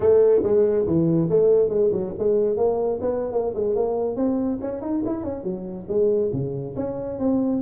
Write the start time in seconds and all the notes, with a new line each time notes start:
0.00 A3
0.43 G#3
0.86 E3
1.29 A3
1.69 G#3
1.91 F#3
2.18 G#3
2.56 A#3
3.01 B3
3.32 A#3
3.54 G#3
3.75 A#3
4.16 C4
4.61 C#4
4.81 D#4
5.05 E4
5.23 C#4
5.43 F#3
5.88 G#3
6.32 C#3
6.76 C#4
7.19 C4